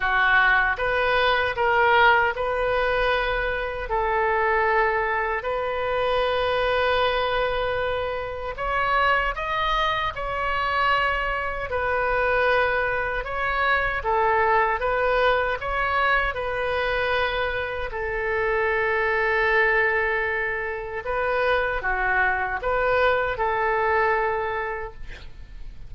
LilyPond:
\new Staff \with { instrumentName = "oboe" } { \time 4/4 \tempo 4 = 77 fis'4 b'4 ais'4 b'4~ | b'4 a'2 b'4~ | b'2. cis''4 | dis''4 cis''2 b'4~ |
b'4 cis''4 a'4 b'4 | cis''4 b'2 a'4~ | a'2. b'4 | fis'4 b'4 a'2 | }